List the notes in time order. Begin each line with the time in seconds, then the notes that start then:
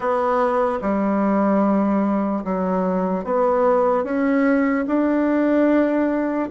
0.00 B3
0.81 G3
2.44 F#3
3.24 B3
4.04 C#4
4.87 D4